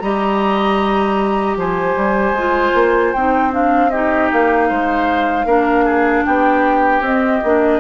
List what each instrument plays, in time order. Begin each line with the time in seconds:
0.00 bassoon G3, clarinet G4, oboe D#5, flute A#5
1.56 bassoon F3, oboe C5, flute G#5
1.96 bassoon G3
2.32 bassoon G#3, clarinet F4
2.74 bassoon A#3
3.13 bassoon C4, clarinet D#4, flute G5
3.51 clarinet D4, flute F5
3.90 clarinet D#4, oboe G4, flute D#5
4.31 bassoon A#3, flute F5
4.69 bassoon G#3, oboe C5
5.45 bassoon A#3, clarinet D4, oboe A#4
5.85 oboe G#4
6.25 bassoon B3, oboe G4, flute G5
7.01 bassoon C4, clarinet C4, flute D#5
7.44 bassoon A#3, clarinet D4